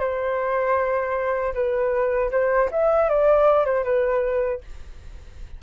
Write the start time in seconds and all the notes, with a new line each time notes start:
0.00 C5
1.54 B4
2.31 C5
2.71 E5
3.09 D5
3.65 C5
3.84 B4